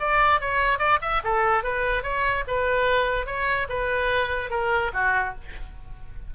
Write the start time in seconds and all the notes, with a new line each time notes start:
0.00 D5
0.41 C#5
0.79 D5
1.02 E5
1.24 A4
1.64 B4
2.03 C#5
2.48 B4
3.26 C#5
3.69 B4
4.51 A#4
4.94 F#4